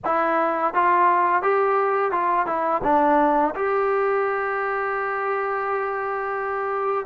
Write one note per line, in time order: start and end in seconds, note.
0.04 0.74 E4
0.74 1.42 F4
1.42 2.11 G4
2.11 2.46 F4
2.46 2.81 E4
2.83 3.54 D4
3.55 7.06 G4